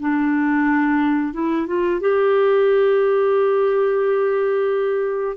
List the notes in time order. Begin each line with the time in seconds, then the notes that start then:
0.00 D4
1.33 E4
1.66 F4
2.00 G4